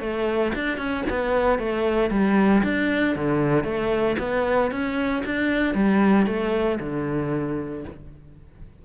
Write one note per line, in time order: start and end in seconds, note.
0.00 0.52 A3
0.55 0.78 D4
0.78 1.04 C#4
1.10 1.59 B3
1.59 2.10 A3
2.10 2.63 G3
2.63 3.16 D4
3.16 3.64 D3
3.64 4.16 A3
4.19 4.71 B3
4.71 5.23 C#4
5.25 5.75 D4
5.75 6.27 G3
6.27 6.79 A3
6.80 7.85 D3